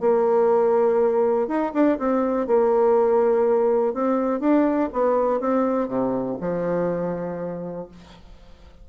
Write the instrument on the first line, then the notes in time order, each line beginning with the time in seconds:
bassoon
0.00 A#3
1.47 D#4
1.73 D4
1.98 C4
2.47 A#3
3.93 C4
4.40 D4
4.92 B3
5.40 C4
5.88 C3
6.40 F3